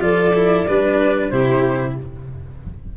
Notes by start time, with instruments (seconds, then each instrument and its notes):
0.00 tuba F3, cello F4, violin A4, flute D5
0.34 cello E4
0.67 tuba G3, cello D4, violin B4
1.29 tuba C3, cello E4, violin G4, flute C5